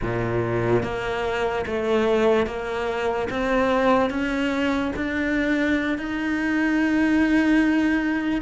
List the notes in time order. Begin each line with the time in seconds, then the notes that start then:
0.01 A#2
0.83 A#3
1.66 A3
2.46 A#3
3.30 C4
4.09 C#4
4.95 D4
5.98 D#4